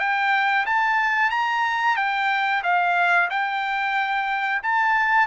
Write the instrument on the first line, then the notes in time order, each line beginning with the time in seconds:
trumpet
0.00 G5
0.66 A5
1.31 A#5
1.97 G5
2.63 F5
3.30 G5
4.63 A5